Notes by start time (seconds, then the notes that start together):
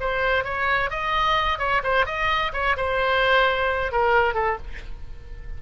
0.00 C5
0.44 C#5
0.90 D#5
1.59 C#5
1.83 C5
2.06 D#5
2.53 C#5
2.77 C5
3.92 A#4
4.34 A4